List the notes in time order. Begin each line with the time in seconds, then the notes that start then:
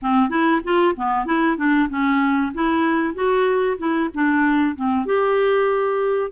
0.01 C4
0.29 E4
0.64 F4
0.96 B3
1.25 E4
1.57 D4
1.89 C#4
2.53 E4
3.14 F#4
3.78 E4
4.13 D4
4.75 C4
5.05 G4